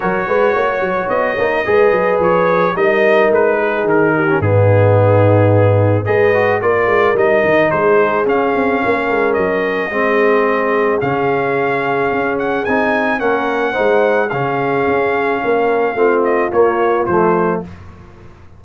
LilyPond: <<
  \new Staff \with { instrumentName = "trumpet" } { \time 4/4 \tempo 4 = 109 cis''2 dis''2 | cis''4 dis''4 b'4 ais'4 | gis'2. dis''4 | d''4 dis''4 c''4 f''4~ |
f''4 dis''2. | f''2~ f''8 fis''8 gis''4 | fis''2 f''2~ | f''4. dis''8 cis''4 c''4 | }
  \new Staff \with { instrumentName = "horn" } { \time 4/4 ais'8 b'8 cis''2 b'4~ | b'4 ais'4. gis'4 g'8 | dis'2. b'4 | ais'2 gis'2 |
ais'2 gis'2~ | gis'1 | ais'4 c''4 gis'2 | ais'4 f'2. | }
  \new Staff \with { instrumentName = "trombone" } { \time 4/4 fis'2~ fis'8 dis'8 gis'4~ | gis'4 dis'2~ dis'8. cis'16 | b2. gis'8 fis'8 | f'4 dis'2 cis'4~ |
cis'2 c'2 | cis'2. dis'4 | cis'4 dis'4 cis'2~ | cis'4 c'4 ais4 a4 | }
  \new Staff \with { instrumentName = "tuba" } { \time 4/4 fis8 gis8 ais8 fis8 b8 ais8 gis8 fis8 | f4 g4 gis4 dis4 | gis,2. gis4 | ais8 gis8 g8 dis8 gis4 cis'8 c'8 |
ais8 gis8 fis4 gis2 | cis2 cis'4 c'4 | ais4 gis4 cis4 cis'4 | ais4 a4 ais4 f4 | }
>>